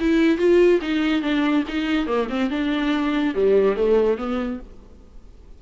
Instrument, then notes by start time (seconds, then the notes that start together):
viola
0.00 E4
0.38 F4
0.81 D#4
1.22 D4
1.68 D#4
2.07 A#3
2.30 C4
2.50 D4
3.35 G3
3.76 A3
4.18 B3